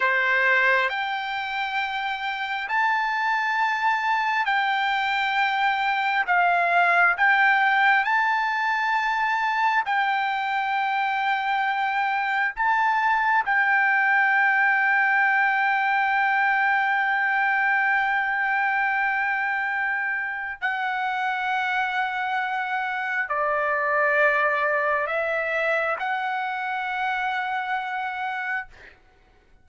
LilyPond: \new Staff \with { instrumentName = "trumpet" } { \time 4/4 \tempo 4 = 67 c''4 g''2 a''4~ | a''4 g''2 f''4 | g''4 a''2 g''4~ | g''2 a''4 g''4~ |
g''1~ | g''2. fis''4~ | fis''2 d''2 | e''4 fis''2. | }